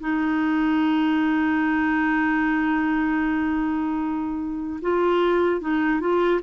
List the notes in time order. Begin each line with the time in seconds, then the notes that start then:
0.00 D#4
4.81 F4
5.61 D#4
6.00 F4